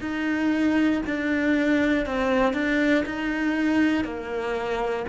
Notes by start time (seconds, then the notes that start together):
0.00 D#4
1.06 D4
2.05 C4
2.53 D4
3.06 D#4
4.04 A#3